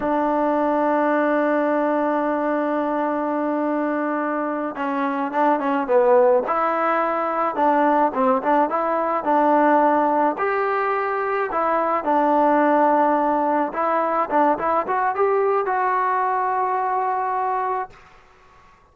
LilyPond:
\new Staff \with { instrumentName = "trombone" } { \time 4/4 \tempo 4 = 107 d'1~ | d'1~ | d'8 cis'4 d'8 cis'8 b4 e'8~ | e'4. d'4 c'8 d'8 e'8~ |
e'8 d'2 g'4.~ | g'8 e'4 d'2~ d'8~ | d'8 e'4 d'8 e'8 fis'8 g'4 | fis'1 | }